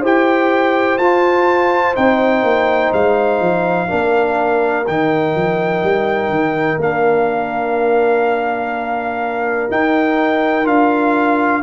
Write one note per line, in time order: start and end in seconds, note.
0.00 0.98 E4
0.00 0.98 G4
0.00 3.87 C5
0.00 0.98 G5
0.98 1.95 F4
0.98 1.94 F4
0.98 1.95 A5
1.94 2.43 C4
1.94 3.87 D#4
1.94 2.93 G5
2.43 2.91 A#3
2.93 3.40 G#3
2.93 4.86 F5
3.40 3.88 F3
3.87 4.87 A#3
3.87 4.84 D4
3.87 11.62 A#4
4.87 5.35 D#3
4.87 6.80 D#4
4.87 6.80 G5
5.35 5.82 F3
5.82 6.29 G3
6.29 6.77 D#3
6.78 9.68 A#3
6.78 9.69 D4
6.78 9.71 F5
9.69 10.64 D#4
9.69 10.66 D#4
9.69 10.67 G5
10.64 11.63 D4
10.64 11.60 F4
10.64 11.63 F5